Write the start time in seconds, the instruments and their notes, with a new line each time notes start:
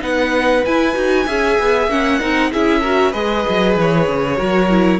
0.00 cello B3, viola D#4, violin B4 F#5
0.65 cello E4, viola E4, violin G#5
0.94 cello D#4, viola F#4
1.26 cello C#4, viola G#4, violin E5
1.60 cello B3
1.88 cello A#3, viola C#4, violin F#5
2.19 cello C4, viola D#4, violin A#4
2.52 cello C#4, viola E4, violin G#4 E5
2.81 viola F#4, violin A#4
3.11 cello G#3, viola G#4, violin B4 D#5
3.49 cello F#3
3.77 cello E3, violin C#5
4.08 cello C#3
4.37 cello F#3, viola F#4, violin A#4
4.70 viola E4